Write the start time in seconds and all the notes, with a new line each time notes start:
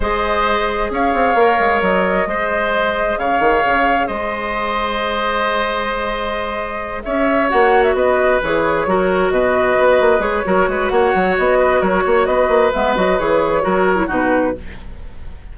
0.00 G#3 G#4 C5 D#5
0.90 C#4 C#5 F5
1.13 C4
1.35 A#3 A#4
1.59 G#3
1.81 F#3 D#5
2.26 G#3 G#4 C5
3.18 C#3 C#5 F5
3.39 D#3
3.65 C#3
4.07 G#3 C5 D#5
7.03 C#4 C#5 E5
7.49 A#3 F#4 F#5
7.83 E5
7.93 B3 B4 D#5
8.42 E3 G#4 C#5
8.86 F#3 F#4 A#4
9.30 B2 B4 D#5
9.78 B3
10.00 A#3
10.19 G#3 G#4 C#5
10.44 F#3 F#4 A#4
10.67 G#3 B4
10.89 A#3 C#5 F#5
11.14 F#3
11.38 B3 D#5
11.58 B4
11.80 F#3 A#4 C#5
12.05 A#3 C#5
12.26 B3 B4 D#5
12.48 A#3
12.73 G#3 B3 E5
12.96 F#3 F#4 D#5
13.19 E3 G#4 C#5
13.62 F#3 F#4 A#4
13.96 E4
14.07 B2 D#4 F#4 B4